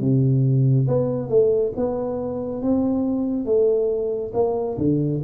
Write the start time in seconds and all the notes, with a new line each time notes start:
0.00 C3
0.88 B3
1.29 A3
1.76 B3
2.62 C4
3.45 A3
4.34 A#3
4.78 D3